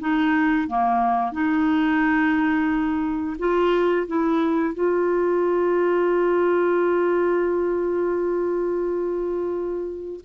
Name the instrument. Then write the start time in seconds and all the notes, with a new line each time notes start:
clarinet
0.00 D#4
0.68 A#3
1.32 D#4
3.39 F4
4.07 E4
4.75 F4